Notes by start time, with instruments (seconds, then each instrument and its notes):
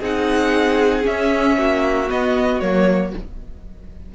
0.00 cello C4, viola D#4, violin G#4 F#5
1.03 viola C#4, cello C#4, violin E5
1.58 cello A#3, violin F#4
2.09 viola B3, cello B3, violin D#5
2.60 cello F#3, viola A#3, violin C#5